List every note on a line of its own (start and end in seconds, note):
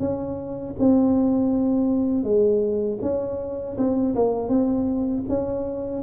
0.00 0.75 C#4
0.79 2.24 C4
2.24 2.99 G#3
3.02 3.77 C#4
3.78 4.15 C4
4.16 4.49 A#3
4.49 5.24 C4
5.29 6.03 C#4